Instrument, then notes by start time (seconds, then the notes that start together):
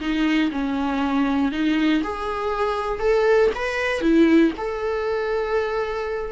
viola
0.00 D#4
0.51 C#4
1.51 D#4
2.03 G#4
2.99 A4
3.55 B4
4.01 E4
4.57 A4